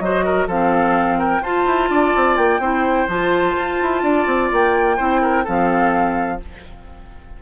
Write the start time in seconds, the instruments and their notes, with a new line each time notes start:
0.00 bassoon F#3, clarinet F#4, oboe C5, flute D#5
0.25 oboe A#4
0.48 bassoon F3, clarinet C4, oboe A4, flute F5
1.19 oboe A#4, flute G5
1.41 bassoon F4, clarinet F4, oboe C5, flute A5
1.66 bassoon E4
1.90 bassoon D4, oboe D5
2.16 bassoon C4
2.37 bassoon A#3, flute G5
2.60 bassoon C4, clarinet E4, oboe C5
3.08 bassoon F3, clarinet F4, flute A5
3.57 bassoon F4
3.82 bassoon E4
4.03 bassoon D4, oboe D5
4.27 bassoon C4
4.53 bassoon A#3, flute G5
4.97 bassoon C4, clarinet E4, oboe C5
5.22 oboe A#4
5.44 bassoon F3, clarinet C4, oboe A4, flute F5